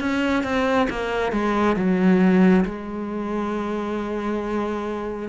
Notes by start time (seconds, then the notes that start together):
0.00 C#4
0.43 C4
0.89 A#3
1.32 G#3
1.76 F#3
2.65 G#3